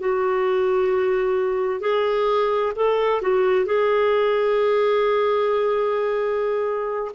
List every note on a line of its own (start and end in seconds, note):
0.00 1.81 F#4
1.81 2.73 G#4
2.76 3.22 A4
3.22 3.66 F#4
3.66 7.12 G#4